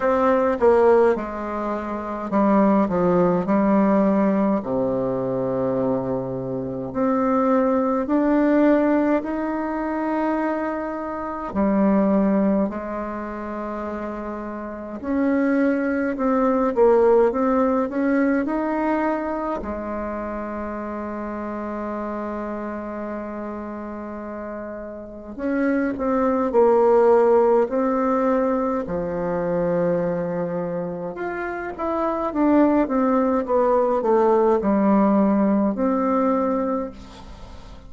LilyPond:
\new Staff \with { instrumentName = "bassoon" } { \time 4/4 \tempo 4 = 52 c'8 ais8 gis4 g8 f8 g4 | c2 c'4 d'4 | dis'2 g4 gis4~ | gis4 cis'4 c'8 ais8 c'8 cis'8 |
dis'4 gis2.~ | gis2 cis'8 c'8 ais4 | c'4 f2 f'8 e'8 | d'8 c'8 b8 a8 g4 c'4 | }